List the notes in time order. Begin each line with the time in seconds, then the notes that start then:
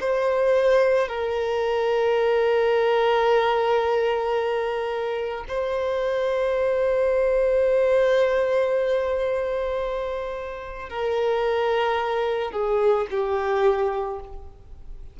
0.00 C5
1.08 A#4
5.48 C5
10.89 A#4
12.52 G#4
13.11 G4